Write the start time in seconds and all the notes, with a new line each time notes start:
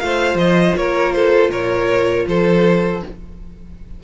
0.00 A3 F4 C5 F5
0.35 F3 D#5
0.77 A#3 A#4 C#5
1.13 A4 C5
1.50 A#2 A#4 C#5
2.28 F3 A4 C5